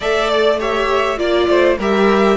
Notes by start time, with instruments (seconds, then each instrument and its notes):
0.00 cello A3, viola A4, violin D5 E5
0.29 violin D5
0.59 viola G4, violin C#5 E5
1.17 cello A#3, viola F4, violin D5
1.48 cello A3, violin C5
1.78 cello G3, viola G4, violin A#4 E5